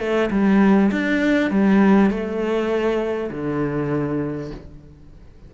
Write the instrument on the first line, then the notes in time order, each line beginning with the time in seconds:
cello
0.00 A3
0.31 G3
0.92 D4
1.51 G3
2.11 A3
3.31 D3